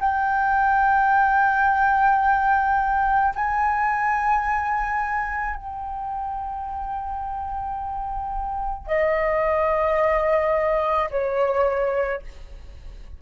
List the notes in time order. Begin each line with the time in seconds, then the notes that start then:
0.00 G5
3.35 G#5
5.56 G5
8.87 D#5
11.10 C#5